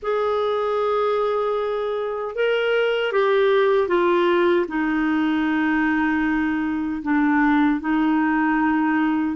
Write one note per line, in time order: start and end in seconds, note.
0.02 2.35 G#4
2.35 3.12 A#4
3.12 3.87 G4
3.87 4.65 F4
4.68 7.01 D#4
7.02 7.80 D4
7.80 9.35 D#4